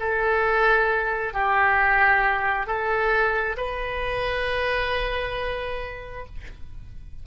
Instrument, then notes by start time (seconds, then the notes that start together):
oboe
0.00 A4
1.34 G4
2.67 A4
3.57 B4